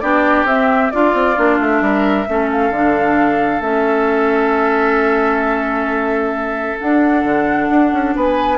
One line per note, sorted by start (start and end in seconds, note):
0.00 0.44 B3
0.00 0.47 D4
0.00 0.93 G4
0.00 0.45 D5
0.44 0.89 C4
0.44 0.93 C4
0.44 0.91 E5
0.91 1.14 D4
0.91 1.36 F4
0.91 1.83 F4
0.91 1.58 D5
1.14 1.36 C4
1.36 1.59 A#3
1.36 2.26 D4
1.59 1.81 A3
1.59 2.50 E5
1.81 2.26 G3
1.81 2.28 A#4
2.28 2.70 A3
2.28 2.73 C#4
2.28 8.16 A4
2.52 3.62 F5
2.70 3.60 D3
2.70 3.62 D4
3.60 6.76 A3
3.60 6.78 C#4
3.60 6.78 E5
6.80 8.58 D4
6.80 7.24 D4
6.80 8.15 F#5
7.24 7.69 D3
7.70 7.92 D4
7.92 8.15 C#4
8.16 8.58 B3
8.16 8.58 B4
8.16 8.58 G#5